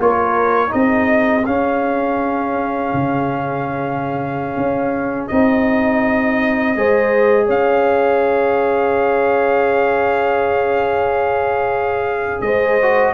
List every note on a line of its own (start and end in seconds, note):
0.00 0.73 A#3
0.00 0.69 F4
0.00 0.71 A#4
0.00 0.73 C#5
0.69 1.47 C4
0.69 1.42 D#4
0.69 6.75 G#4
0.69 1.46 D#5
1.46 2.93 C#4
1.46 5.31 C#4
1.46 5.28 F5
2.94 4.57 C#3
4.57 5.30 C#4
5.28 6.76 C4
5.28 6.77 D#4
5.28 7.48 D#5
6.76 7.49 G#3
6.76 12.80 G#4
6.76 7.46 C5
7.46 12.42 C#4
7.46 12.40 C#5
7.46 12.41 F5
12.41 13.14 G#3
12.41 13.14 C5
12.41 13.14 D#5
12.82 13.14 F#4